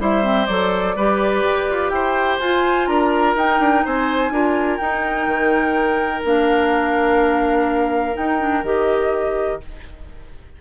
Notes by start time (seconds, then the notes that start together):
0.00 G3 E4 C5 E5
0.23 C4
0.46 F#3 A4 D5
0.96 G3 G4 B4
1.43 G4
1.70 F4
1.90 E4 C5 G5
2.40 F4 G#5
2.87 D4 A#4 A#5
3.36 D#4 G5
3.60 D4
3.85 C4 C5 G#5
4.31 D4 F4 A#4
4.78 D#4 G5
5.27 D#3
6.24 A#3 D4 F5
8.13 D#4 G5
8.39 D4
8.63 D#3 G4 D#5